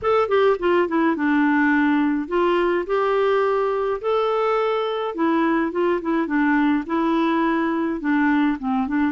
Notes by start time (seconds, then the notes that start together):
0.02 A4
0.28 G4
0.59 F4
0.88 E4
1.16 D4
2.28 F4
2.86 G4
4.01 A4
5.14 E4
5.71 F4
6.01 E4
6.26 D4
6.86 E4
8.00 D4
8.58 C4
8.87 D4